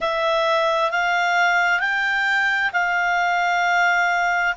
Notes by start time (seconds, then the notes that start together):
0.00 E5
0.91 F5
1.79 G5
2.73 F5